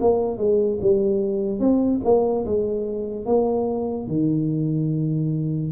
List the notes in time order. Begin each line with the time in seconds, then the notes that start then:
0.00 A#3
0.38 G#3
0.81 G3
1.60 C4
2.04 A#3
2.45 G#3
3.26 A#3
4.07 D#3